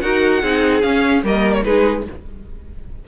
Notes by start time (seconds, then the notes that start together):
0.00 D#4 F#4 A#4 F#5
0.42 C4 D#4 G#4
0.82 C#4 F5
1.23 G3 A#3 A#4 D#5
1.53 C#5
1.64 G#3 D#4 G#4 B4